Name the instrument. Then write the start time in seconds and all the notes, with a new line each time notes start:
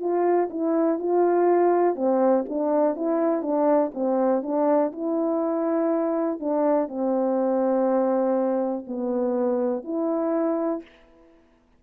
horn
0.00 F4
0.51 E4
0.99 F4
1.96 C4
2.49 D4
2.96 E4
3.43 D4
3.94 C4
4.43 D4
4.93 E4
6.40 D4
6.89 C4
8.87 B3
9.85 E4